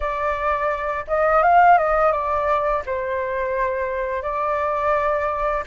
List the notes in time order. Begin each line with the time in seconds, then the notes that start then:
0.00 D5
1.07 D#5
1.42 F5
1.78 D#5
2.12 D5
2.86 C5
4.22 D5